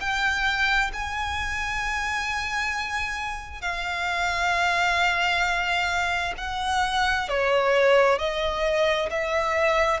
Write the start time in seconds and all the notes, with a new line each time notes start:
0.00 G5
0.93 G#5
3.61 F5
6.37 F#5
7.28 C#5
8.18 D#5
9.10 E5